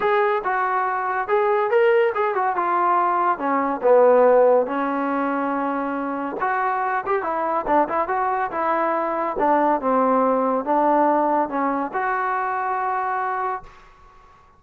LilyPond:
\new Staff \with { instrumentName = "trombone" } { \time 4/4 \tempo 4 = 141 gis'4 fis'2 gis'4 | ais'4 gis'8 fis'8 f'2 | cis'4 b2 cis'4~ | cis'2. fis'4~ |
fis'8 g'8 e'4 d'8 e'8 fis'4 | e'2 d'4 c'4~ | c'4 d'2 cis'4 | fis'1 | }